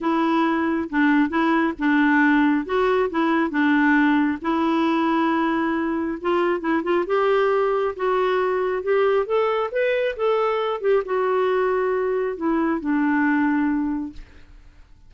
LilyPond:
\new Staff \with { instrumentName = "clarinet" } { \time 4/4 \tempo 4 = 136 e'2 d'4 e'4 | d'2 fis'4 e'4 | d'2 e'2~ | e'2 f'4 e'8 f'8 |
g'2 fis'2 | g'4 a'4 b'4 a'4~ | a'8 g'8 fis'2. | e'4 d'2. | }